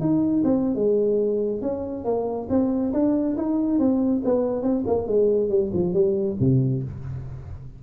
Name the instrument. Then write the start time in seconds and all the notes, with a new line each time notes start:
tuba
0.00 D#4
0.44 C4
0.75 G#3
1.61 C#4
2.05 A#3
2.49 C4
2.93 D4
3.37 D#4
3.79 C4
4.25 B3
4.63 C4
4.87 A#3
5.07 G#3
5.49 G3
5.74 F3
5.93 G3
6.40 C3